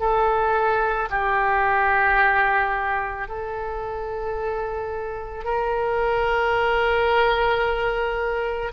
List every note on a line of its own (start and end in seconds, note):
0.00 1.09 A4
1.10 3.28 G4
3.28 5.45 A4
5.45 8.72 A#4